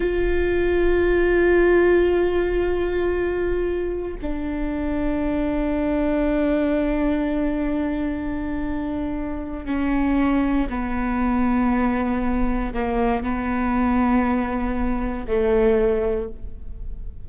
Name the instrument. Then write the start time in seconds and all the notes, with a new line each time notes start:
viola
0.00 F4
4.22 D4
9.65 C#4
10.69 B3
12.73 A#3
13.23 B3
15.27 A3